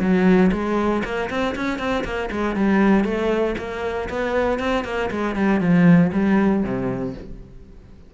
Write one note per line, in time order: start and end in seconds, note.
0.00 0.51 F#3
0.52 1.03 G#3
1.04 1.30 A#3
1.30 1.55 C4
1.55 1.79 C#4
1.79 2.04 C4
2.04 2.30 A#3
2.31 2.55 G#3
2.55 3.04 G3
3.04 3.55 A3
3.58 4.09 A#3
4.09 4.59 B3
4.59 4.84 C4
4.84 5.10 A#3
5.11 5.36 G#3
5.36 5.60 G3
5.60 6.11 F3
6.12 6.63 G3
6.63 7.14 C3